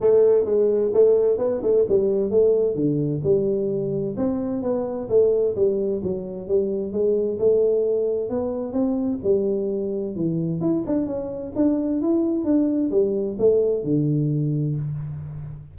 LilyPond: \new Staff \with { instrumentName = "tuba" } { \time 4/4 \tempo 4 = 130 a4 gis4 a4 b8 a8 | g4 a4 d4 g4~ | g4 c'4 b4 a4 | g4 fis4 g4 gis4 |
a2 b4 c'4 | g2 e4 e'8 d'8 | cis'4 d'4 e'4 d'4 | g4 a4 d2 | }